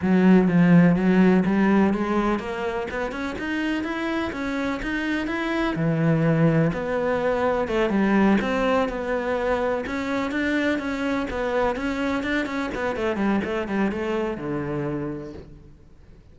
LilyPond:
\new Staff \with { instrumentName = "cello" } { \time 4/4 \tempo 4 = 125 fis4 f4 fis4 g4 | gis4 ais4 b8 cis'8 dis'4 | e'4 cis'4 dis'4 e'4 | e2 b2 |
a8 g4 c'4 b4.~ | b8 cis'4 d'4 cis'4 b8~ | b8 cis'4 d'8 cis'8 b8 a8 g8 | a8 g8 a4 d2 | }